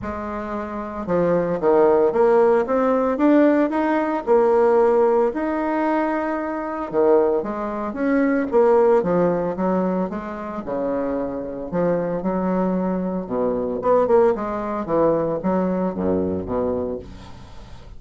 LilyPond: \new Staff \with { instrumentName = "bassoon" } { \time 4/4 \tempo 4 = 113 gis2 f4 dis4 | ais4 c'4 d'4 dis'4 | ais2 dis'2~ | dis'4 dis4 gis4 cis'4 |
ais4 f4 fis4 gis4 | cis2 f4 fis4~ | fis4 b,4 b8 ais8 gis4 | e4 fis4 fis,4 b,4 | }